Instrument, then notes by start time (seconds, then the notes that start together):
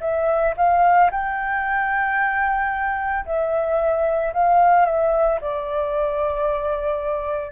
flute
0.00 E5
0.56 F5
1.11 G5
3.26 E5
4.33 F5
4.86 E5
5.41 D5